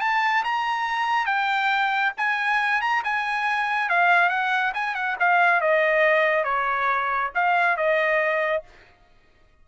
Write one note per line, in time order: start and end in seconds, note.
0.00 0.43 A5
0.44 1.26 A#5
1.26 2.12 G5
2.17 2.81 G#5
2.81 3.03 A#5
3.04 3.89 G#5
3.89 4.29 F5
4.29 4.72 F#5
4.74 4.94 G#5
4.94 5.16 F#5
5.19 5.61 F5
5.61 6.44 D#5
6.44 7.30 C#5
7.35 7.77 F5
7.77 8.63 D#5